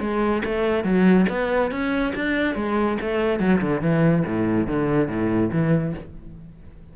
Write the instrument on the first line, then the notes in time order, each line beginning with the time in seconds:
cello
0.00 G#3
0.45 A3
0.84 F#3
1.29 B3
1.71 C#4
2.15 D4
2.55 G#3
3.01 A3
3.40 F#3
3.61 D3
3.81 E3
4.26 A2
4.67 D3
5.08 A2
5.52 E3